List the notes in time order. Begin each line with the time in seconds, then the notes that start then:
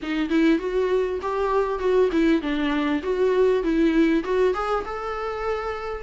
0.02 D#4
0.29 E4
0.58 F#4
1.21 G4
1.79 F#4
2.12 E4
2.41 D4
3.02 F#4
3.63 E4
4.24 F#4
4.53 G#4
4.85 A4